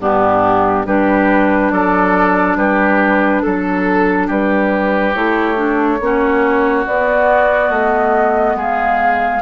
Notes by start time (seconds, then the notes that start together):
0.00 G2 B3 D4 G4
0.86 G3 D4 G4 B4
1.71 F#3 A4 D5
2.56 G3 G4 B4
3.43 F#3 A4
4.27 G3 G4 B4
5.14 A3 E4 C#5
5.56 D4
6.01 A#3 C#4 F#4
6.87 B3 D5
7.70 A3 D#5
8.56 G#3 G#4 F5